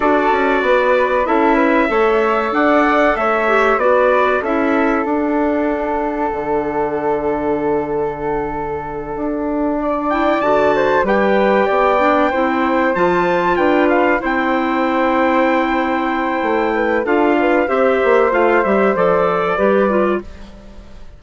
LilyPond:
<<
  \new Staff \with { instrumentName = "trumpet" } { \time 4/4 \tempo 4 = 95 d''2 e''2 | fis''4 e''4 d''4 e''4 | fis''1~ | fis''1 |
g''8 a''4 g''2~ g''8~ | g''8 a''4 g''8 f''8 g''4.~ | g''2. f''4 | e''4 f''8 e''8 d''2 | }
  \new Staff \with { instrumentName = "flute" } { \time 4/4 a'4 b'4 a'8 b'8 cis''4 | d''4 cis''4 b'4 a'4~ | a'1~ | a'2.~ a'8 d''8~ |
d''4 c''8 b'4 d''4 c''8~ | c''4. b'4 c''4.~ | c''2~ c''8 b'8 a'8 b'8 | c''2. b'4 | }
  \new Staff \with { instrumentName = "clarinet" } { \time 4/4 fis'2 e'4 a'4~ | a'4. g'8 fis'4 e'4 | d'1~ | d'1 |
e'8 fis'4 g'4. d'8 e'8~ | e'8 f'2 e'4.~ | e'2. f'4 | g'4 f'8 g'8 a'4 g'8 f'8 | }
  \new Staff \with { instrumentName = "bassoon" } { \time 4/4 d'8 cis'8 b4 cis'4 a4 | d'4 a4 b4 cis'4 | d'2 d2~ | d2~ d8 d'4.~ |
d'8 d4 g4 b4 c'8~ | c'8 f4 d'4 c'4.~ | c'2 a4 d'4 | c'8 ais8 a8 g8 f4 g4 | }
>>